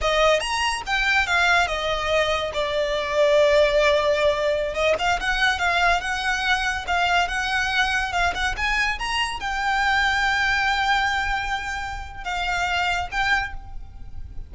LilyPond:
\new Staff \with { instrumentName = "violin" } { \time 4/4 \tempo 4 = 142 dis''4 ais''4 g''4 f''4 | dis''2 d''2~ | d''2.~ d''16 dis''8 f''16~ | f''16 fis''4 f''4 fis''4.~ fis''16~ |
fis''16 f''4 fis''2 f''8 fis''16~ | fis''16 gis''4 ais''4 g''4.~ g''16~ | g''1~ | g''4 f''2 g''4 | }